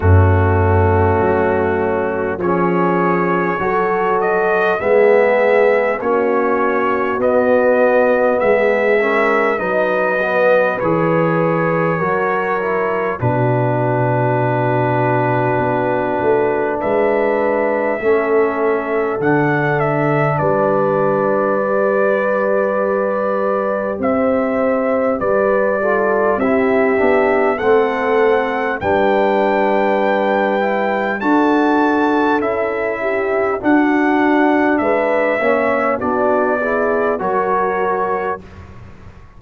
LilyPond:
<<
  \new Staff \with { instrumentName = "trumpet" } { \time 4/4 \tempo 4 = 50 fis'2 cis''4. dis''8 | e''4 cis''4 dis''4 e''4 | dis''4 cis''2 b'4~ | b'2 e''2 |
fis''8 e''8 d''2. | e''4 d''4 e''4 fis''4 | g''2 a''4 e''4 | fis''4 e''4 d''4 cis''4 | }
  \new Staff \with { instrumentName = "horn" } { \time 4/4 cis'2 gis'4 a'4 | gis'4 fis'2 gis'8 ais'8 | b'2 ais'4 fis'4~ | fis'2 b'4 a'4~ |
a'4 b'2. | c''4 b'8 a'8 g'4 a'4 | b'2 a'4. g'8 | fis'4 b'8 cis''8 fis'8 gis'8 ais'4 | }
  \new Staff \with { instrumentName = "trombone" } { \time 4/4 a2 cis'4 fis'4 | b4 cis'4 b4. cis'8 | dis'8 b8 gis'4 fis'8 e'8 d'4~ | d'2. cis'4 |
d'2 g'2~ | g'4. f'8 e'8 d'8 c'4 | d'4. e'8 fis'4 e'4 | d'4. cis'8 d'8 e'8 fis'4 | }
  \new Staff \with { instrumentName = "tuba" } { \time 4/4 fis,4 fis4 f4 fis4 | gis4 ais4 b4 gis4 | fis4 e4 fis4 b,4~ | b,4 b8 a8 gis4 a4 |
d4 g2. | c'4 g4 c'8 b8 a4 | g2 d'4 cis'4 | d'4 gis8 ais8 b4 fis4 | }
>>